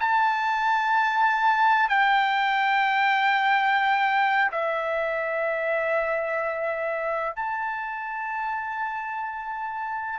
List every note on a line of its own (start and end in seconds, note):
0.00 1.89 A5
1.89 4.51 G5
4.52 7.35 E5
7.35 10.19 A5